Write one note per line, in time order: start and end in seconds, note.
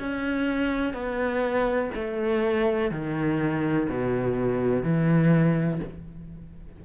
0.00 0.94 C#4
0.94 1.91 B3
1.95 2.91 A3
2.91 3.88 D#3
3.89 4.84 B2
4.84 5.81 E3